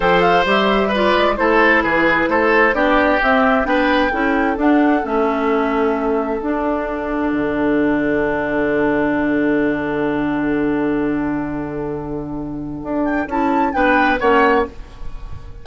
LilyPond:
<<
  \new Staff \with { instrumentName = "flute" } { \time 4/4 \tempo 4 = 131 g''8 f''8 e''4 d''4 c''4 | b'4 c''4 d''4 e''4 | g''2 fis''4 e''4~ | e''2 fis''2~ |
fis''1~ | fis''1~ | fis''1~ | fis''8 g''8 a''4 g''4 fis''4 | }
  \new Staff \with { instrumentName = "oboe" } { \time 4/4 c''2 b'4 a'4 | gis'4 a'4 g'2 | b'4 a'2.~ | a'1~ |
a'1~ | a'1~ | a'1~ | a'2 b'4 cis''4 | }
  \new Staff \with { instrumentName = "clarinet" } { \time 4/4 a'4 g'4 f'4 e'4~ | e'2 d'4 c'4 | d'4 e'4 d'4 cis'4~ | cis'2 d'2~ |
d'1~ | d'1~ | d'1~ | d'4 e'4 d'4 cis'4 | }
  \new Staff \with { instrumentName = "bassoon" } { \time 4/4 f4 g4. gis8 a4 | e4 a4 b4 c'4 | b4 cis'4 d'4 a4~ | a2 d'2 |
d1~ | d1~ | d1 | d'4 cis'4 b4 ais4 | }
>>